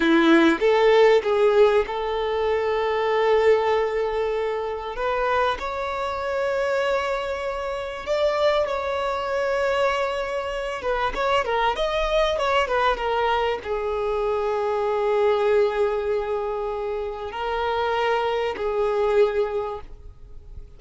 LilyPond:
\new Staff \with { instrumentName = "violin" } { \time 4/4 \tempo 4 = 97 e'4 a'4 gis'4 a'4~ | a'1 | b'4 cis''2.~ | cis''4 d''4 cis''2~ |
cis''4. b'8 cis''8 ais'8 dis''4 | cis''8 b'8 ais'4 gis'2~ | gis'1 | ais'2 gis'2 | }